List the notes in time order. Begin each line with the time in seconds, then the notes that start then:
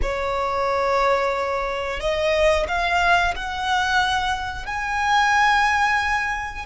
0.02 C#5
1.99 D#5
2.68 F5
3.35 F#5
4.66 G#5